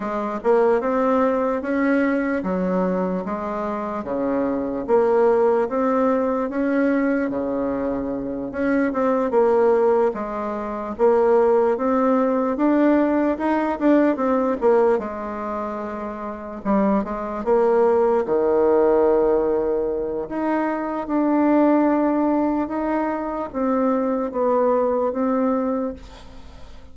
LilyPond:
\new Staff \with { instrumentName = "bassoon" } { \time 4/4 \tempo 4 = 74 gis8 ais8 c'4 cis'4 fis4 | gis4 cis4 ais4 c'4 | cis'4 cis4. cis'8 c'8 ais8~ | ais8 gis4 ais4 c'4 d'8~ |
d'8 dis'8 d'8 c'8 ais8 gis4.~ | gis8 g8 gis8 ais4 dis4.~ | dis4 dis'4 d'2 | dis'4 c'4 b4 c'4 | }